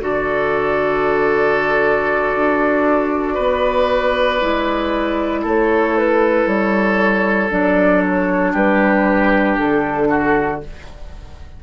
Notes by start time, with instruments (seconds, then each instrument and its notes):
0.00 bassoon D3, clarinet F#4, oboe A4, flute D5
2.35 bassoon D4
3.34 bassoon B3, oboe B4
4.40 bassoon G#3, clarinet E4
5.42 bassoon A3, oboe A4, flute C#5
5.98 flute B4
6.46 bassoon G3, flute C#5
7.50 bassoon F#3, clarinet D4, flute D5
8.02 flute C#5
8.53 bassoon G3, oboe G4, flute B4
9.57 bassoon D3, flute A4
10.09 oboe F#4